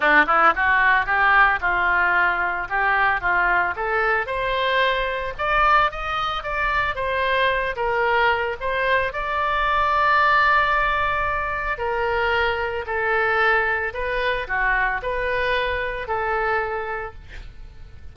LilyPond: \new Staff \with { instrumentName = "oboe" } { \time 4/4 \tempo 4 = 112 d'8 e'8 fis'4 g'4 f'4~ | f'4 g'4 f'4 a'4 | c''2 d''4 dis''4 | d''4 c''4. ais'4. |
c''4 d''2.~ | d''2 ais'2 | a'2 b'4 fis'4 | b'2 a'2 | }